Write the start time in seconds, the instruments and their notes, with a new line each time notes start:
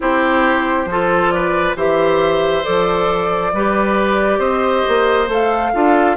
0.00 bassoon C4, clarinet E4, oboe G4, flute C5
0.85 bassoon F3, clarinet F4, oboe A4
1.30 oboe B4, flute D5
1.75 bassoon E3, clarinet G4, oboe C5, flute E5
2.63 bassoon F3, clarinet A4, flute D5
3.53 bassoon G3, clarinet G4, oboe B4
4.38 bassoon C4, oboe C5, flute D#5
4.87 bassoon A#3
5.27 bassoon A3, clarinet A4, flute F5
5.73 bassoon D4, clarinet F4, oboe A4